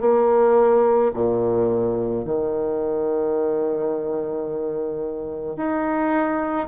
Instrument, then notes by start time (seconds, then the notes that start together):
bassoon
0.00 A#3
1.14 A#2
2.24 D#3
5.56 D#4